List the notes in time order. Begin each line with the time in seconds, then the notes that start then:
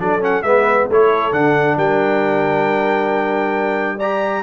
0.00 F#3 D4 A4 D5
0.21 C#4 F#5
0.43 G#3 B3 B4 E5
0.90 A3 E4 A4 C#5
1.32 D3 D4 F#5
1.77 G3 A#4 G5
3.97 G4 D5 A#5